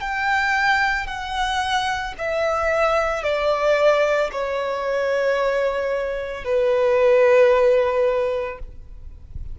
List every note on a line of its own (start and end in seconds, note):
0.00 1.07 G5
1.07 2.14 F#5
2.18 3.23 E5
3.23 4.30 D5
4.31 6.44 C#5
6.44 8.59 B4